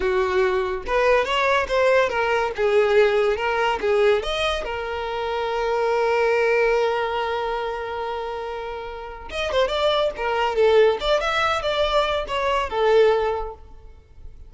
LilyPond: \new Staff \with { instrumentName = "violin" } { \time 4/4 \tempo 4 = 142 fis'2 b'4 cis''4 | c''4 ais'4 gis'2 | ais'4 gis'4 dis''4 ais'4~ | ais'1~ |
ais'1~ | ais'2 dis''8 c''8 d''4 | ais'4 a'4 d''8 e''4 d''8~ | d''4 cis''4 a'2 | }